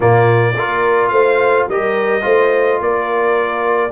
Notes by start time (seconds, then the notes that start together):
0.00 A#2 A#3 F4 D5
0.55 A#3 F4 A#4
1.08 A3 C5 F5
1.67 G3 G4 A#4 D#5
2.21 A3 F4 C5
2.80 A#3 A#4 D5